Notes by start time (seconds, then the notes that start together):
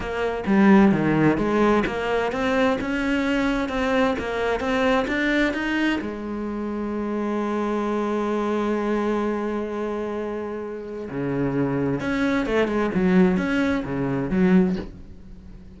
0.00 A#3
0.46 G3
0.92 D#3
1.37 G#3
1.86 A#3
2.32 C4
2.80 C#4
3.69 C4
4.19 A#3
4.60 C4
5.07 D4
5.53 D#4
6.01 G#3
11.10 C#3
12.00 C#4
12.46 A3
12.67 G#3
12.94 F#3
13.37 C#4
13.84 C#3
14.30 F#3